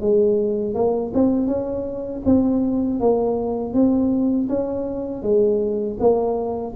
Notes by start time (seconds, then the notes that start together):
0.00 G#3
0.74 A#3
1.14 C4
1.47 C#4
2.25 C4
3.00 A#3
3.73 C4
4.48 C#4
5.22 G#3
5.99 A#3